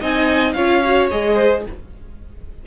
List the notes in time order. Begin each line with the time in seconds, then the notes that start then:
0.00 C4 D#4 D#5 G#5
0.53 C#4 F4 C#5 F5
0.85 F#4
1.11 G#3 G#4 D#5
1.35 C5